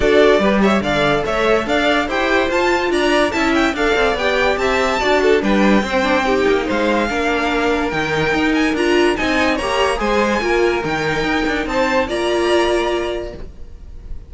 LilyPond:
<<
  \new Staff \with { instrumentName = "violin" } { \time 4/4 \tempo 4 = 144 d''4. e''8 f''4 e''4 | f''4 g''4 a''4 ais''4 | a''8 g''8 f''4 g''4 a''4~ | a''4 g''2. |
f''2. g''4~ | g''8 gis''8 ais''4 gis''4 ais''4 | gis''2 g''2 | a''4 ais''2. | }
  \new Staff \with { instrumentName = "violin" } { \time 4/4 a'4 b'8 cis''8 d''4 cis''4 | d''4 c''2 d''4 | e''4 d''2 e''4 | d''8 a'8 b'4 c''4 g'4 |
c''4 ais'2.~ | ais'2 dis''4 cis''4 | c''4 ais'2. | c''4 d''2. | }
  \new Staff \with { instrumentName = "viola" } { \time 4/4 fis'4 g'4 a'2~ | a'4 g'4 f'2 | e'4 a'4 g'2 | fis'4 d'4 c'8 d'8 dis'4~ |
dis'4 d'2 dis'4~ | dis'4 f'4 dis'4 g'4 | gis'4 f'4 dis'2~ | dis'4 f'2. | }
  \new Staff \with { instrumentName = "cello" } { \time 4/4 d'4 g4 d4 a4 | d'4 e'4 f'4 d'4 | cis'4 d'8 c'8 b4 c'4 | d'4 g4 c'4. ais8 |
gis4 ais2 dis4 | dis'4 d'4 c'4 ais4 | gis4 ais4 dis4 dis'8 d'8 | c'4 ais2. | }
>>